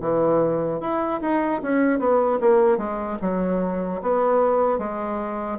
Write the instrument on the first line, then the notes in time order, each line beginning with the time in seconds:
bassoon
0.00 E3
0.80 E4
1.21 D#4
1.62 C#4
1.99 B3
2.40 A#3
2.77 G#3
3.21 F#3
4.01 B3
4.78 G#3